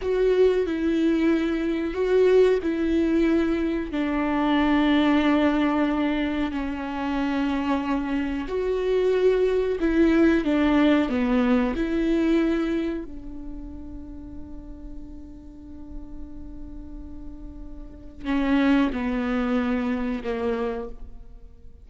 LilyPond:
\new Staff \with { instrumentName = "viola" } { \time 4/4 \tempo 4 = 92 fis'4 e'2 fis'4 | e'2 d'2~ | d'2 cis'2~ | cis'4 fis'2 e'4 |
d'4 b4 e'2 | d'1~ | d'1 | cis'4 b2 ais4 | }